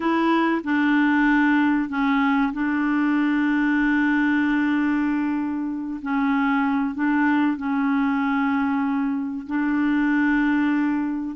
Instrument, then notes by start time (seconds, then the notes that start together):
clarinet
0.00 E4
0.63 D4
1.89 C#4
2.53 D4
6.02 C#4
6.94 D4
7.56 C#4
9.47 D4